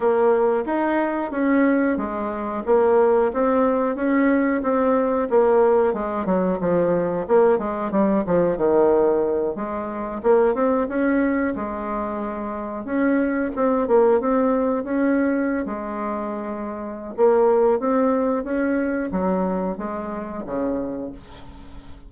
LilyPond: \new Staff \with { instrumentName = "bassoon" } { \time 4/4 \tempo 4 = 91 ais4 dis'4 cis'4 gis4 | ais4 c'4 cis'4 c'4 | ais4 gis8 fis8 f4 ais8 gis8 | g8 f8 dis4. gis4 ais8 |
c'8 cis'4 gis2 cis'8~ | cis'8 c'8 ais8 c'4 cis'4~ cis'16 gis16~ | gis2 ais4 c'4 | cis'4 fis4 gis4 cis4 | }